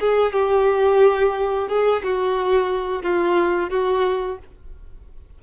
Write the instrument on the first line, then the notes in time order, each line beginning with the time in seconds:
violin
0.00 G#4
0.33 G4
1.69 G#4
2.03 F#4
3.02 F4
3.70 F#4